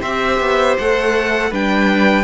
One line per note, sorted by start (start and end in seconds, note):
0.00 0.40 C4
0.00 1.50 C5
0.00 0.77 E5
0.06 0.81 G4
0.40 0.77 B3
0.78 1.52 A3
0.78 1.53 A4
0.78 1.53 F#5
1.50 2.24 G3
1.50 2.24 D4
1.50 2.24 B4
1.50 2.24 G5